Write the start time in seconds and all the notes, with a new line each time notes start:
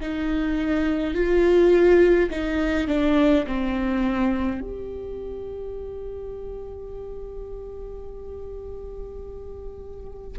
0.00 D#4
1.14 F4
2.30 D#4
2.87 D4
3.47 C4
4.60 G4